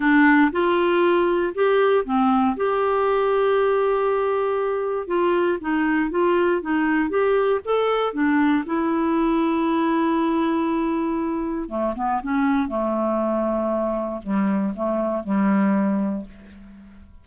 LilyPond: \new Staff \with { instrumentName = "clarinet" } { \time 4/4 \tempo 4 = 118 d'4 f'2 g'4 | c'4 g'2.~ | g'2 f'4 dis'4 | f'4 dis'4 g'4 a'4 |
d'4 e'2.~ | e'2. a8 b8 | cis'4 a2. | g4 a4 g2 | }